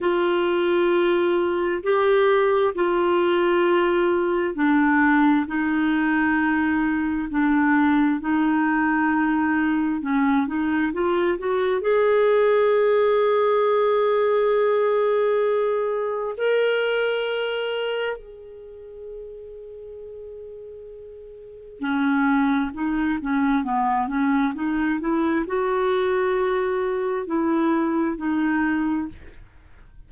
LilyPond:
\new Staff \with { instrumentName = "clarinet" } { \time 4/4 \tempo 4 = 66 f'2 g'4 f'4~ | f'4 d'4 dis'2 | d'4 dis'2 cis'8 dis'8 | f'8 fis'8 gis'2.~ |
gis'2 ais'2 | gis'1 | cis'4 dis'8 cis'8 b8 cis'8 dis'8 e'8 | fis'2 e'4 dis'4 | }